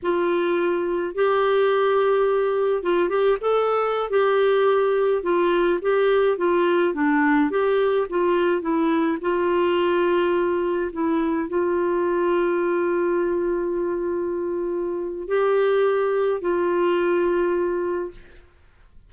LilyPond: \new Staff \with { instrumentName = "clarinet" } { \time 4/4 \tempo 4 = 106 f'2 g'2~ | g'4 f'8 g'8 a'4~ a'16 g'8.~ | g'4~ g'16 f'4 g'4 f'8.~ | f'16 d'4 g'4 f'4 e'8.~ |
e'16 f'2. e'8.~ | e'16 f'2.~ f'8.~ | f'2. g'4~ | g'4 f'2. | }